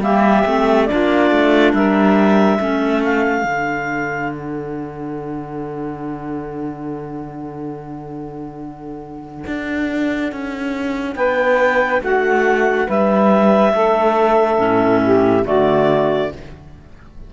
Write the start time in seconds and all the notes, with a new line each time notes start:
0.00 G3 A#3 G4 E5
0.46 A3 C4
0.86 D4 F4 D5
0.93 A#3
1.30 A3
1.73 G3 A#4 E5
2.58 A3 C#4 A4
3.04 F5
3.44 D3 D4
4.32 F#5
9.47 D4
10.32 C#4
11.15 B3 B4 G5
12.01 A3 F#4 F#5
12.86 G3 B4 E5
13.73 A3 A4
14.57 A2 C#4
15.03 G4
15.44 D3 A3 F#4 D5